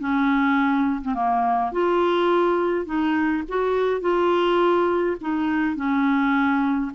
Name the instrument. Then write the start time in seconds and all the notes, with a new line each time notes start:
clarinet
0.00 C#4
1.02 C4
1.15 A#3
1.72 F4
2.86 D#4
3.49 F#4
4.01 F4
5.21 D#4
5.76 C#4